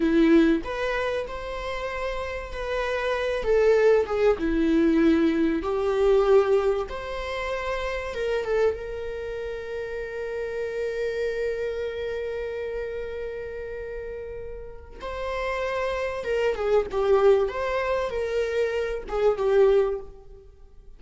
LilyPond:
\new Staff \with { instrumentName = "viola" } { \time 4/4 \tempo 4 = 96 e'4 b'4 c''2 | b'4. a'4 gis'8 e'4~ | e'4 g'2 c''4~ | c''4 ais'8 a'8 ais'2~ |
ais'1~ | ais'1 | c''2 ais'8 gis'8 g'4 | c''4 ais'4. gis'8 g'4 | }